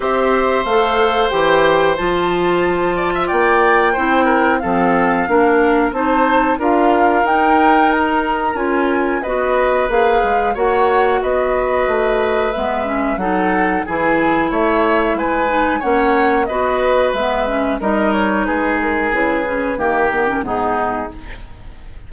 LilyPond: <<
  \new Staff \with { instrumentName = "flute" } { \time 4/4 \tempo 4 = 91 e''4 f''4 g''4 a''4~ | a''4 g''2 f''4~ | f''4 a''4 f''4 g''4 | ais''4 gis''4 dis''4 f''4 |
fis''4 dis''2 e''4 | fis''4 gis''4 e''4 gis''4 | fis''4 dis''4 e''4 dis''8 cis''8 | b'8 ais'8 b'4 ais'4 gis'4 | }
  \new Staff \with { instrumentName = "oboe" } { \time 4/4 c''1~ | c''8 d''16 e''16 d''4 c''8 ais'8 a'4 | ais'4 c''4 ais'2~ | ais'2 b'2 |
cis''4 b'2. | a'4 gis'4 cis''4 b'4 | cis''4 b'2 ais'4 | gis'2 g'4 dis'4 | }
  \new Staff \with { instrumentName = "clarinet" } { \time 4/4 g'4 a'4 g'4 f'4~ | f'2 e'4 c'4 | d'4 dis'4 f'4 dis'4~ | dis'4 f'4 fis'4 gis'4 |
fis'2. b8 cis'8 | dis'4 e'2~ e'8 dis'8 | cis'4 fis'4 b8 cis'8 dis'4~ | dis'4 e'8 cis'8 ais8 b16 cis'16 b4 | }
  \new Staff \with { instrumentName = "bassoon" } { \time 4/4 c'4 a4 e4 f4~ | f4 ais4 c'4 f4 | ais4 c'4 d'4 dis'4~ | dis'4 cis'4 b4 ais8 gis8 |
ais4 b4 a4 gis4 | fis4 e4 a4 gis4 | ais4 b4 gis4 g4 | gis4 cis4 dis4 gis,4 | }
>>